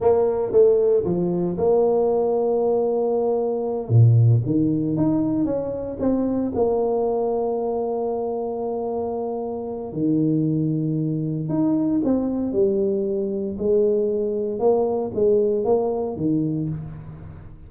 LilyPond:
\new Staff \with { instrumentName = "tuba" } { \time 4/4 \tempo 4 = 115 ais4 a4 f4 ais4~ | ais2.~ ais8 ais,8~ | ais,8 dis4 dis'4 cis'4 c'8~ | c'8 ais2.~ ais8~ |
ais2. dis4~ | dis2 dis'4 c'4 | g2 gis2 | ais4 gis4 ais4 dis4 | }